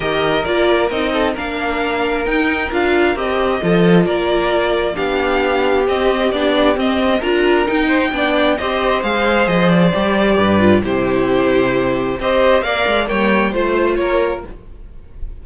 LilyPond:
<<
  \new Staff \with { instrumentName = "violin" } { \time 4/4 \tempo 4 = 133 dis''4 d''4 dis''4 f''4~ | f''4 g''4 f''4 dis''4~ | dis''4 d''2 f''4~ | f''4 dis''4 d''4 dis''4 |
ais''4 g''2 dis''4 | f''4 dis''8 d''2~ d''8 | c''2. dis''4 | f''4 g''4 c''4 cis''4 | }
  \new Staff \with { instrumentName = "violin" } { \time 4/4 ais'2~ ais'8 a'8 ais'4~ | ais'1 | a'4 ais'2 g'4~ | g'1 |
ais'4. c''8 d''4 c''4~ | c''2. b'4 | g'2. c''4 | d''4 cis''4 c''4 ais'4 | }
  \new Staff \with { instrumentName = "viola" } { \time 4/4 g'4 f'4 dis'4 d'4~ | d'4 dis'4 f'4 g'4 | f'2. d'4~ | d'4 c'4 d'4 c'4 |
f'4 dis'4 d'4 g'4 | gis'2 g'4. f'8 | e'2. g'4 | ais'4 ais4 f'2 | }
  \new Staff \with { instrumentName = "cello" } { \time 4/4 dis4 ais4 c'4 ais4~ | ais4 dis'4 d'4 c'4 | f4 ais2 b4~ | b4 c'4 b4 c'4 |
d'4 dis'4 b4 c'4 | gis4 f4 g4 g,4 | c2. c'4 | ais8 gis8 g4 a4 ais4 | }
>>